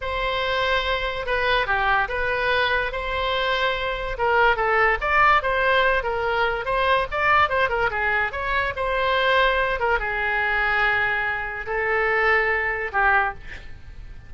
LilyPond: \new Staff \with { instrumentName = "oboe" } { \time 4/4 \tempo 4 = 144 c''2. b'4 | g'4 b'2 c''4~ | c''2 ais'4 a'4 | d''4 c''4. ais'4. |
c''4 d''4 c''8 ais'8 gis'4 | cis''4 c''2~ c''8 ais'8 | gis'1 | a'2. g'4 | }